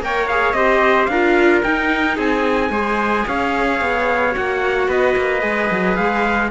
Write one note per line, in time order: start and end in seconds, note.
0.00 0.53 A#3
0.00 0.28 A#4
0.00 0.56 C#5
0.00 0.28 G5
0.28 0.55 G#4
0.28 0.53 F5
0.53 1.07 C4
0.53 1.09 G4
0.53 1.10 C5
0.53 1.06 D#5
1.06 1.62 D4
1.06 2.16 A#4
1.06 1.60 F5
1.12 1.64 F4
1.63 2.72 D#4
1.63 2.17 D#4
1.63 2.17 G5
2.16 2.69 C4
2.16 2.70 G#4
2.16 3.27 G#5
2.69 3.23 G#3
2.69 4.31 G#4
2.69 3.25 C5
3.27 3.81 C#4
3.27 4.88 C#5
3.27 4.35 F5
3.81 4.35 B3
4.31 4.88 A#3
4.31 5.39 F#4
4.31 4.90 F#5
4.88 5.15 B3
4.88 6.50 B4
4.88 5.96 D#5
5.16 5.42 A#3
5.41 5.69 G#3
5.41 6.49 G#4
5.71 5.98 F#3
5.96 6.51 G#3
5.96 6.50 F5